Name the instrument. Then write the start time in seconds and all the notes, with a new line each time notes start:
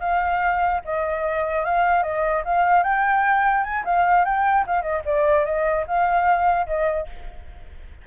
flute
0.00 F5
0.85 D#5
1.65 F5
2.03 D#5
2.45 F5
2.83 G5
3.64 G#5
3.84 F5
4.25 G5
4.67 F5
4.82 D#5
5.05 D5
5.45 D#5
5.87 F5
6.67 D#5